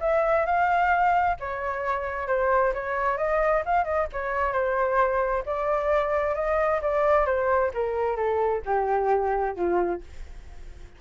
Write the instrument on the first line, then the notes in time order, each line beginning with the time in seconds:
flute
0.00 E5
0.46 F5
1.40 C#5
2.27 C5
2.74 C#5
3.17 D#5
3.65 F5
3.84 D#5
4.12 C#5
4.52 C5
5.46 D5
6.35 D#5
6.82 D5
7.26 C5
7.74 A#4
8.16 A4
8.65 G4
9.55 F4